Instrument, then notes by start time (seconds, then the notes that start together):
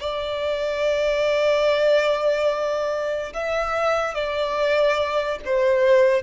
violin
0.00 D5
3.34 E5
4.14 D5
5.45 C5